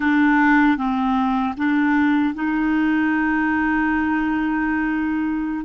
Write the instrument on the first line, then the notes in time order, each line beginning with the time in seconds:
clarinet
0.00 D4
0.77 C4
1.57 D4
2.34 D#4